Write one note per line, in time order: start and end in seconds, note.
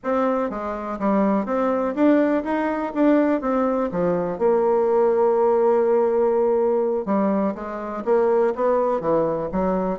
0.03 0.50 C4
0.50 0.98 G#3
0.99 1.45 G3
1.45 1.94 C4
1.95 2.43 D4
2.43 2.92 D#4
2.94 3.41 D4
3.41 3.90 C4
3.91 4.38 F3
4.38 7.05 A#3
7.05 7.54 G3
7.55 8.03 G#3
8.04 8.53 A#3
8.55 9.00 B3
9.00 9.49 E3
9.51 9.99 F#3